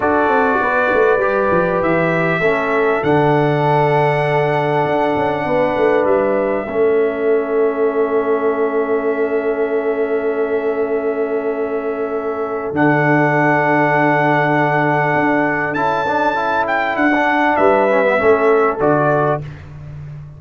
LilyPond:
<<
  \new Staff \with { instrumentName = "trumpet" } { \time 4/4 \tempo 4 = 99 d''2. e''4~ | e''4 fis''2.~ | fis''2 e''2~ | e''1~ |
e''1~ | e''4 fis''2.~ | fis''2 a''4. g''8 | fis''4 e''2 d''4 | }
  \new Staff \with { instrumentName = "horn" } { \time 4/4 a'4 b'2. | a'1~ | a'4 b'2 a'4~ | a'1~ |
a'1~ | a'1~ | a'1~ | a'4 b'4 a'2 | }
  \new Staff \with { instrumentName = "trombone" } { \time 4/4 fis'2 g'2 | cis'4 d'2.~ | d'2. cis'4~ | cis'1~ |
cis'1~ | cis'4 d'2.~ | d'2 e'8 d'8 e'4~ | e'16 d'4~ d'16 cis'16 b16 cis'4 fis'4 | }
  \new Staff \with { instrumentName = "tuba" } { \time 4/4 d'8 c'8 b8 a8 g8 f8 e4 | a4 d2. | d'8 cis'8 b8 a8 g4 a4~ | a1~ |
a1~ | a4 d2.~ | d4 d'4 cis'2 | d'4 g4 a4 d4 | }
>>